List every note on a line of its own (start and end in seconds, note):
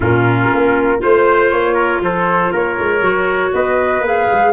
0.00 0.49 A#2
0.00 0.98 C#4
0.00 1.00 F4
0.00 1.02 A#4
0.52 1.03 A#3
0.98 1.52 A3
0.98 2.99 F4
0.98 1.74 C5
0.98 1.50 C5
1.50 2.01 A#3
1.50 2.00 C#5
1.74 1.99 A#4
2.01 2.51 F3
2.01 2.51 A4
2.01 2.54 C5
2.51 2.78 A#3
2.51 3.52 A#4
2.51 3.54 C#5
2.78 3.01 G#3
3.01 3.51 F#3
3.01 4.02 F#4
3.53 4.00 B3
3.53 4.52 B4
3.53 4.04 D#5
4.00 4.25 A#3
4.00 4.52 G#4
4.06 4.52 F5
4.31 4.52 G#3